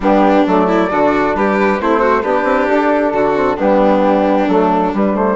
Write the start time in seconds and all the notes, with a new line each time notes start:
0.00 G3 B3 D4 G4
0.46 F#3 A3 D5
0.67 E4
0.90 D3 D4 F#4
1.35 G3 G4 B4
1.80 A3 C4 E4 C5
2.00 F#4
2.22 B3 D4 G4 B4
2.43 C4
2.68 D4 A4
3.13 D3 F#4
3.34 C4
3.56 G3 B3 D4 G4
4.48 F#3 A3 A4
4.92 G3 B4
5.14 A3 C5